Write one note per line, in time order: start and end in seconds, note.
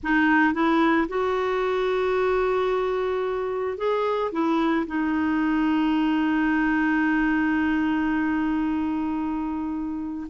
0.03 0.53 D#4
0.53 1.07 E4
1.08 3.77 F#4
3.77 4.31 G#4
4.32 4.86 E4
4.86 10.27 D#4